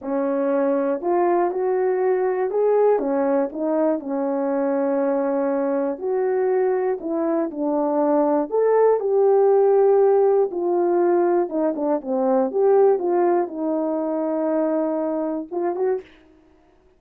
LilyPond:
\new Staff \with { instrumentName = "horn" } { \time 4/4 \tempo 4 = 120 cis'2 f'4 fis'4~ | fis'4 gis'4 cis'4 dis'4 | cis'1 | fis'2 e'4 d'4~ |
d'4 a'4 g'2~ | g'4 f'2 dis'8 d'8 | c'4 g'4 f'4 dis'4~ | dis'2. f'8 fis'8 | }